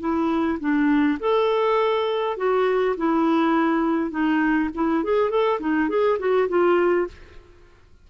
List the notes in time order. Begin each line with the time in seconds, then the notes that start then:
0.00 E4
0.60 D4
1.20 A4
2.37 F#4
2.97 E4
4.11 D#4
4.75 E4
5.04 G#4
5.30 A4
5.60 D#4
5.89 G#4
6.19 F#4
6.49 F4